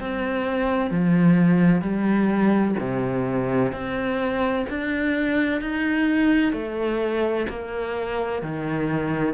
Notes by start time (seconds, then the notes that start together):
0.00 C4
0.90 F3
1.81 G3
2.80 C3
3.72 C4
4.69 D4
5.61 D#4
6.52 A3
7.49 A#3
8.42 D#3